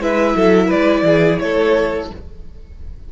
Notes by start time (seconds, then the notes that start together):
0.00 G#3 E4 B4 E5
0.36 F#3 A4
0.68 G#3 B4 D5
1.03 E3 G#4
1.39 A3 A4 C#5